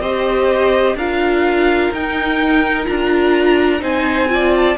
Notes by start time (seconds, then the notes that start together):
0.00 C4 G4 C5 D#5
0.95 D4 F4 A#4 F5
1.92 D#4 G5
2.85 D4 F4 A#5
3.80 C4 D#4 C5 G#5
4.29 F4 D5
4.56 A5